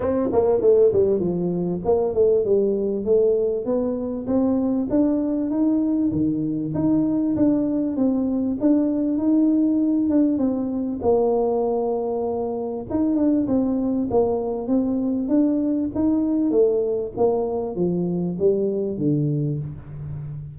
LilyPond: \new Staff \with { instrumentName = "tuba" } { \time 4/4 \tempo 4 = 98 c'8 ais8 a8 g8 f4 ais8 a8 | g4 a4 b4 c'4 | d'4 dis'4 dis4 dis'4 | d'4 c'4 d'4 dis'4~ |
dis'8 d'8 c'4 ais2~ | ais4 dis'8 d'8 c'4 ais4 | c'4 d'4 dis'4 a4 | ais4 f4 g4 d4 | }